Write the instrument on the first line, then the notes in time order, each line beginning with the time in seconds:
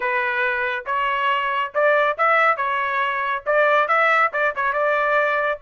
trumpet
0.00 B4
0.86 C#5
1.74 D5
2.17 E5
2.56 C#5
3.46 D5
3.87 E5
4.32 D5
4.55 C#5
4.72 D5